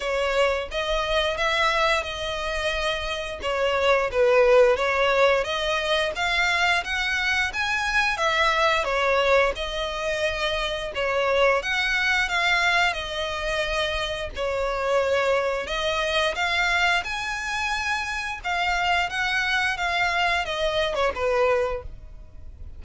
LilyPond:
\new Staff \with { instrumentName = "violin" } { \time 4/4 \tempo 4 = 88 cis''4 dis''4 e''4 dis''4~ | dis''4 cis''4 b'4 cis''4 | dis''4 f''4 fis''4 gis''4 | e''4 cis''4 dis''2 |
cis''4 fis''4 f''4 dis''4~ | dis''4 cis''2 dis''4 | f''4 gis''2 f''4 | fis''4 f''4 dis''8. cis''16 b'4 | }